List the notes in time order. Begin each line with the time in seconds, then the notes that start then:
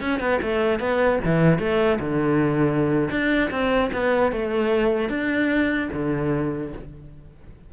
0.00 C#4
0.19 B3
0.41 A3
0.79 B3
1.24 E3
1.58 A3
1.99 D3
3.10 D4
3.50 C4
3.93 B3
4.31 A3
5.09 D4
5.92 D3